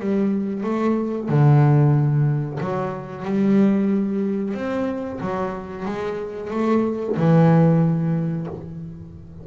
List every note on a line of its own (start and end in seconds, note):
0.00 0.63 G3
0.63 1.28 A3
1.29 2.59 D3
2.60 3.25 F#3
3.25 4.54 G3
4.54 5.19 C4
5.21 5.85 F#3
5.85 6.51 G#3
6.51 7.16 A3
7.17 8.47 E3